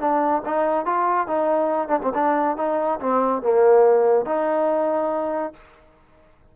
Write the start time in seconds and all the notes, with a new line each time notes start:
0.00 D4
0.46 D#4
0.86 F4
1.27 D#4
1.88 D4
2.02 C4
2.15 D4
2.57 D#4
3.00 C4
3.43 A#3
4.26 D#4